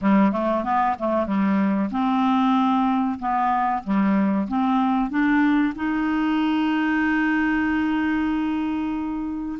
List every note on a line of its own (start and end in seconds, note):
0.01 0.32 G3
0.32 0.64 A3
0.64 0.96 B3
0.98 1.26 A3
1.26 1.90 G3
1.91 3.18 C4
3.19 3.83 B3
3.83 4.47 G3
4.47 5.09 C4
5.09 5.73 D4
5.75 9.58 D#4